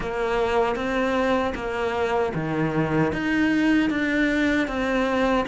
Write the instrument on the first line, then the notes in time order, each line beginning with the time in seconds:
cello
0.00 A#3
0.75 C4
1.54 A#3
2.34 D#3
3.12 D#4
3.90 D4
4.67 C4